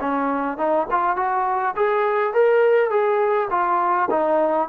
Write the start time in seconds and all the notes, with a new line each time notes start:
0.00 C#4
0.57 D#4
0.91 F4
1.16 F#4
1.76 G#4
2.34 A#4
2.90 G#4
3.50 F4
4.10 D#4